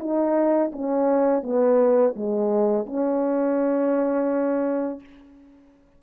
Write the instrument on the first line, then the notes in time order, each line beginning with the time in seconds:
horn
0.00 D#4
0.72 C#4
1.43 B3
2.16 G#3
2.86 C#4